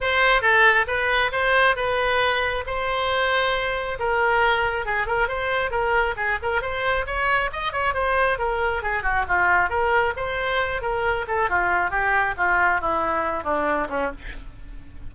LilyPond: \new Staff \with { instrumentName = "oboe" } { \time 4/4 \tempo 4 = 136 c''4 a'4 b'4 c''4 | b'2 c''2~ | c''4 ais'2 gis'8 ais'8 | c''4 ais'4 gis'8 ais'8 c''4 |
cis''4 dis''8 cis''8 c''4 ais'4 | gis'8 fis'8 f'4 ais'4 c''4~ | c''8 ais'4 a'8 f'4 g'4 | f'4 e'4. d'4 cis'8 | }